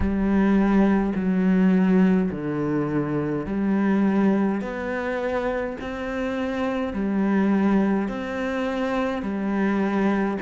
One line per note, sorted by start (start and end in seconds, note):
0.00 1.13 G3
1.15 2.30 F#3
2.30 3.46 D3
3.46 4.61 G3
4.61 5.76 B3
5.80 6.93 C4
6.93 8.08 G3
8.08 9.22 C4
9.22 10.37 G3